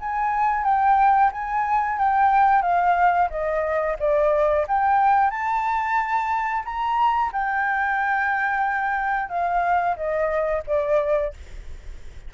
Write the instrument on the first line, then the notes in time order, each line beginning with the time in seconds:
flute
0.00 G#5
0.64 G5
1.32 G#5
1.99 G5
2.62 F5
3.30 D#5
4.00 D5
4.68 G5
5.31 A5
6.65 A#5
7.33 G5
9.30 F5
9.97 D#5
10.67 D5